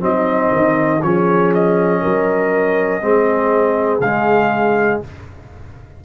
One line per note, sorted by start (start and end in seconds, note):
0.00 0.51 F#3
0.00 1.00 C4
0.00 1.04 D#4
0.00 1.02 D#5
0.52 1.02 D#3
1.02 2.03 F3
1.02 3.02 C#4
1.02 2.01 G#4
1.02 1.52 C#5
1.54 4.01 D#5
2.01 3.02 F#3
2.01 3.01 A#4
3.02 4.00 G#3
3.02 4.02 C4
3.02 5.05 G#4
4.00 5.00 C#3
4.00 5.04 G#3
4.00 5.01 F5